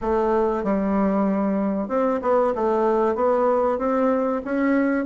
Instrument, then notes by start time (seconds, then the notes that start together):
bassoon
0.01 A3
0.63 G3
1.88 C4
2.21 B3
2.55 A3
3.15 B3
3.78 C4
4.44 C#4